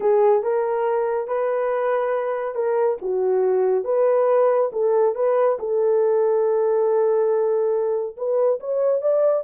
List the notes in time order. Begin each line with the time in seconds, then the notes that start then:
0.00 G#4
0.42 A#4
1.27 B4
2.54 A#4
3.01 F#4
3.84 B4
4.72 A4
5.15 B4
5.59 A4
8.16 B4
8.59 C#5
9.01 D5